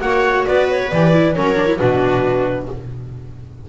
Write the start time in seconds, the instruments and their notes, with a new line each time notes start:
0.00 double bass A#3, viola F#4 C#5, clarinet F#5
0.45 double bass B3, viola B4, clarinet D5
0.71 clarinet C#5
0.90 double bass E3, viola G4, clarinet D5
1.13 viola E4
1.34 double bass F#3, viola C#4 A#4, clarinet C#5
1.56 viola D4
1.67 viola E4
1.78 double bass B2, viola D4 F#4, clarinet B4